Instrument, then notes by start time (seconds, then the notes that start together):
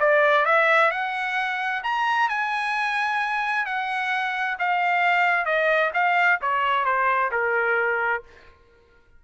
trumpet
0.00 D5
0.46 E5
0.91 F#5
1.84 A#5
2.29 G#5
3.66 F#5
4.59 F5
5.46 D#5
5.94 F5
6.42 C#5
6.85 C5
7.32 A#4